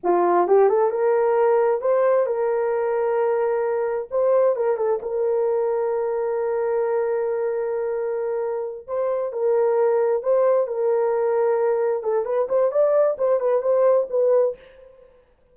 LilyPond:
\new Staff \with { instrumentName = "horn" } { \time 4/4 \tempo 4 = 132 f'4 g'8 a'8 ais'2 | c''4 ais'2.~ | ais'4 c''4 ais'8 a'8 ais'4~ | ais'1~ |
ais'2.~ ais'8 c''8~ | c''8 ais'2 c''4 ais'8~ | ais'2~ ais'8 a'8 b'8 c''8 | d''4 c''8 b'8 c''4 b'4 | }